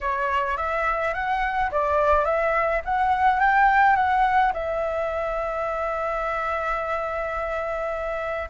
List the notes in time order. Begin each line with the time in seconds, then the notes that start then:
0.01 C#5
0.57 E5
1.13 F#5
1.71 D5
2.25 E5
2.85 F#5
3.40 G5
3.95 F#5
4.53 E5